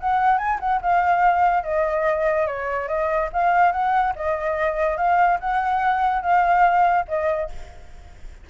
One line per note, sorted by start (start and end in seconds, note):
0.00 0.38 F#5
0.38 0.59 G#5
0.60 0.81 F#5
0.81 1.64 F5
1.64 2.47 D#5
2.47 2.88 C#5
2.88 3.30 D#5
3.33 3.72 F5
3.72 4.14 F#5
4.16 4.97 D#5
4.97 5.39 F5
5.40 6.22 F#5
6.22 7.05 F5
7.08 7.50 D#5